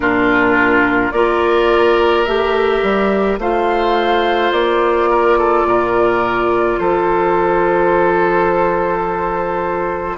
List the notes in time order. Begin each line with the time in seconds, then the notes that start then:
0.00 A#2 D4 F4 A#4
1.11 A#3 F4 A#4 D5
2.24 A3 G4 E5
2.82 G3
3.38 A3 F4 C5 F5
4.51 A#3 D5
5.10 A#4
5.38 A4
5.64 A#2 A#4
6.78 F3 A4 C5